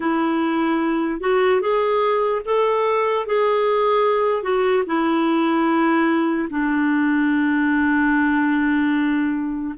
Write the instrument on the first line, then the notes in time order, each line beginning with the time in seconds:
clarinet
0.00 E4
1.20 F#4
1.61 G#4
2.45 A4
3.26 G#4
4.43 F#4
4.86 E4
6.49 D4